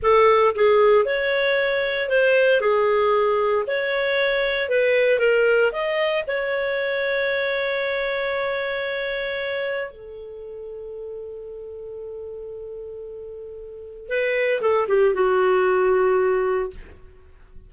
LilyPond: \new Staff \with { instrumentName = "clarinet" } { \time 4/4 \tempo 4 = 115 a'4 gis'4 cis''2 | c''4 gis'2 cis''4~ | cis''4 b'4 ais'4 dis''4 | cis''1~ |
cis''2. a'4~ | a'1~ | a'2. b'4 | a'8 g'8 fis'2. | }